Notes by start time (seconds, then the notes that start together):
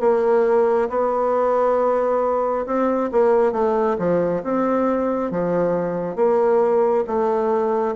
0.00 A#3
0.89 B3
2.66 C4
3.12 A#3
3.52 A3
3.98 F3
4.43 C4
5.31 F3
6.16 A#3
7.07 A3